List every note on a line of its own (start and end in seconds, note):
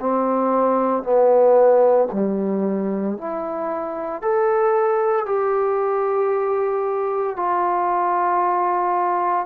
0.00 1.03 C4
1.03 2.09 B3
2.12 3.18 G3
3.18 4.22 E4
4.22 5.26 A4
5.26 7.36 G4
7.36 9.46 F4